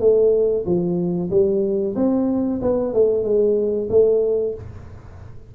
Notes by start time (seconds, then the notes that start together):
0.00 A3
0.66 F3
1.30 G3
1.96 C4
2.62 B3
2.94 A3
3.23 G#3
3.90 A3